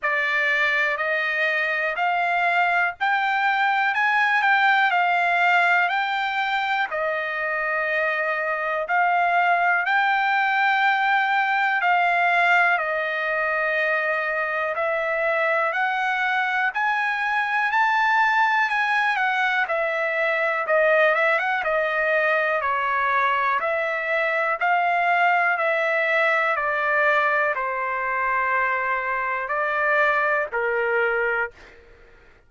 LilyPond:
\new Staff \with { instrumentName = "trumpet" } { \time 4/4 \tempo 4 = 61 d''4 dis''4 f''4 g''4 | gis''8 g''8 f''4 g''4 dis''4~ | dis''4 f''4 g''2 | f''4 dis''2 e''4 |
fis''4 gis''4 a''4 gis''8 fis''8 | e''4 dis''8 e''16 fis''16 dis''4 cis''4 | e''4 f''4 e''4 d''4 | c''2 d''4 ais'4 | }